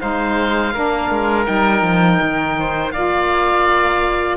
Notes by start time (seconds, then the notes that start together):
0.00 G#3 D#4 C5 F5
0.74 A#3 D4 A#4
1.11 G#3
1.44 G3 D#4 G5
1.82 F3
2.22 D#3
2.60 C5
2.92 A#3 F4 D5 F5